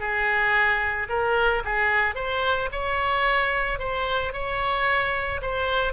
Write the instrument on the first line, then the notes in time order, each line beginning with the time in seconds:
oboe
0.00 G#4
1.09 A#4
1.65 G#4
2.15 C5
2.72 C#5
3.79 C5
4.33 C#5
5.43 C5